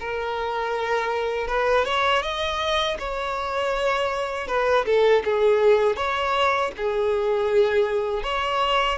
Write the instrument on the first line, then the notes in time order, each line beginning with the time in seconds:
violin
0.00 A#4
1.47 B4
1.85 C#5
2.22 D#5
2.99 C#5
4.47 B4
4.85 A4
5.24 G#4
5.96 C#5
6.77 G#4
8.23 C#5